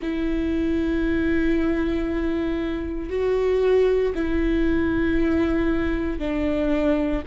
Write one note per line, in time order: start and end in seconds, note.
0.01 3.09 E4
3.09 4.13 F#4
4.14 6.18 E4
6.18 7.22 D4